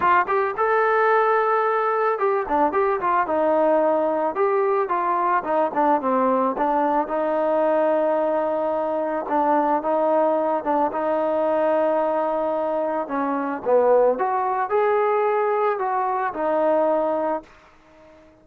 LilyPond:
\new Staff \with { instrumentName = "trombone" } { \time 4/4 \tempo 4 = 110 f'8 g'8 a'2. | g'8 d'8 g'8 f'8 dis'2 | g'4 f'4 dis'8 d'8 c'4 | d'4 dis'2.~ |
dis'4 d'4 dis'4. d'8 | dis'1 | cis'4 b4 fis'4 gis'4~ | gis'4 fis'4 dis'2 | }